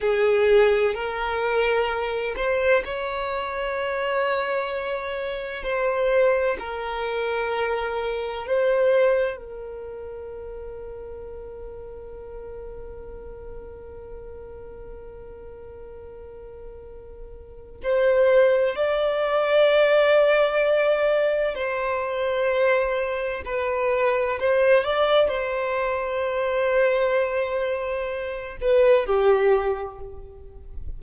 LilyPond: \new Staff \with { instrumentName = "violin" } { \time 4/4 \tempo 4 = 64 gis'4 ais'4. c''8 cis''4~ | cis''2 c''4 ais'4~ | ais'4 c''4 ais'2~ | ais'1~ |
ais'2. c''4 | d''2. c''4~ | c''4 b'4 c''8 d''8 c''4~ | c''2~ c''8 b'8 g'4 | }